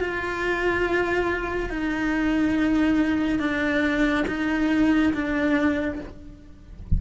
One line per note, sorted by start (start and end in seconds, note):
0.00 1.69 F4
1.69 3.39 D#4
3.39 4.24 D4
4.27 5.13 D#4
5.13 5.99 D4